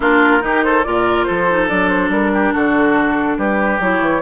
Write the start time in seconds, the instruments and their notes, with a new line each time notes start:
0.00 bassoon A#3, clarinet D4, oboe F4, flute A#4
0.40 bassoon D#3, clarinet D#4, oboe G4
0.63 oboe A4, flute C5
0.83 bassoon A#2, clarinet F4, oboe A#4, flute D5
1.24 bassoon F3, oboe A4, flute C5
1.50 clarinet D#4
1.68 bassoon F#3, clarinet D4, flute D5
1.88 flute C5
2.09 bassoon G3, flute A#4
2.33 oboe G4
2.53 bassoon D3, oboe F#4, flute A4
3.37 bassoon G3, oboe G4, flute B4
3.79 bassoon F#3, clarinet E4, flute C#5
4.00 bassoon E3